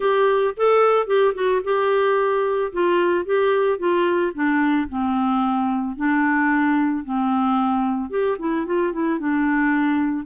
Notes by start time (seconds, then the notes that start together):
0.00 G4
0.56 A4
1.06 G4
1.34 F#4
1.64 G4
2.72 F4
3.25 G4
3.78 F4
4.34 D4
4.88 C4
5.96 D4
7.04 C4
8.10 G4
8.39 E4
8.65 F4
8.93 E4
9.19 D4